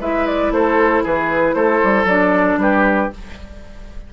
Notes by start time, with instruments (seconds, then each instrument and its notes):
0.00 bassoon G#3, clarinet E4, oboe B4, flute E5
0.26 flute D5
0.51 bassoon A3, oboe A4, flute C5
1.03 bassoon E3, oboe G#4, flute B4
1.54 bassoon A3, oboe A4, flute C5
1.84 bassoon G3
2.04 bassoon F#3, clarinet D4, flute D5
2.57 bassoon G3, oboe G4, flute B4